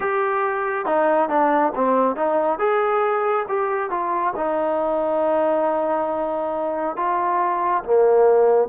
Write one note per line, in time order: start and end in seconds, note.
0.00 0.85 G4
0.85 1.29 D#4
1.29 1.72 D4
1.75 2.15 C4
2.15 2.58 D#4
2.58 3.45 G#4
3.48 3.90 G4
3.90 4.33 F4
4.36 6.96 D#4
6.96 7.83 F4
7.84 8.68 A#3